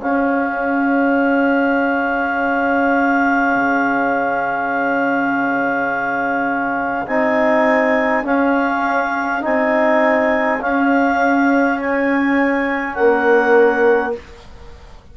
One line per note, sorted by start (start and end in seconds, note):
0.00 7.06 C#4
0.00 3.55 C#4
0.00 12.95 G#4
0.00 7.07 F5
3.55 7.06 C#3
7.06 8.24 C4
7.06 8.24 D#4
7.06 8.25 G#5
8.24 9.41 C#4
8.24 9.43 F5
9.41 10.62 C4
9.41 10.59 D#4
9.41 10.61 G#5
10.60 14.13 C#4
10.60 12.97 C#4
10.60 11.79 F5
11.80 12.94 G#5
12.94 14.16 A#3
12.94 14.12 A#4
12.94 14.12 F#5